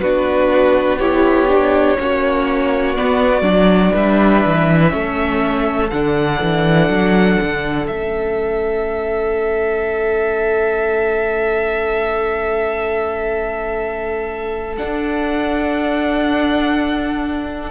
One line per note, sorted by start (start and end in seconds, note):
0.00 1.97 B3
0.00 1.00 D4
0.00 0.99 F#4
0.00 0.98 B4
0.98 1.48 E4
0.98 1.97 G4
0.98 2.94 C#5
1.48 1.98 D4
1.98 2.97 A#3
1.98 2.96 C#4
1.98 3.93 F#4
2.94 3.42 B3
2.94 3.41 B3
2.94 3.93 D5
3.41 3.90 F#3
3.41 4.89 D4
3.93 4.44 G3
3.93 4.91 B4
3.93 5.90 E5
4.45 4.93 E3
4.89 5.91 A3
4.89 5.88 C#4
4.89 17.70 A4
5.90 6.41 D3
5.90 7.86 D4
5.90 7.86 F#5
6.42 6.89 E3
6.89 7.38 F#3
7.42 7.90 D3
7.86 14.78 A3
7.86 14.75 C#4
7.86 14.75 E5
14.77 17.70 D4
14.77 17.70 F#5